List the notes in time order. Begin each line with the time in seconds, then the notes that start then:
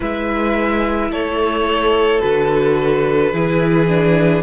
0.00 G#3 E4 B4 E5
1.09 A3 A4 C#5
2.19 D3 F#4 B4
3.32 E3 E4 G#4
3.88 D4